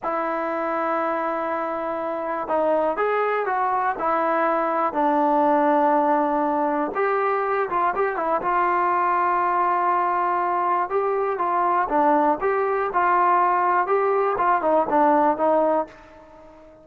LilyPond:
\new Staff \with { instrumentName = "trombone" } { \time 4/4 \tempo 4 = 121 e'1~ | e'4 dis'4 gis'4 fis'4 | e'2 d'2~ | d'2 g'4. f'8 |
g'8 e'8 f'2.~ | f'2 g'4 f'4 | d'4 g'4 f'2 | g'4 f'8 dis'8 d'4 dis'4 | }